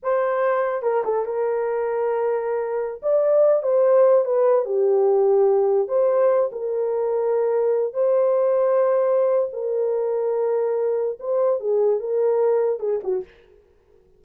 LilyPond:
\new Staff \with { instrumentName = "horn" } { \time 4/4 \tempo 4 = 145 c''2 ais'8 a'8 ais'4~ | ais'2.~ ais'16 d''8.~ | d''8. c''4. b'4 g'8.~ | g'2~ g'16 c''4. ais'16~ |
ais'2.~ ais'16 c''8.~ | c''2. ais'4~ | ais'2. c''4 | gis'4 ais'2 gis'8 fis'8 | }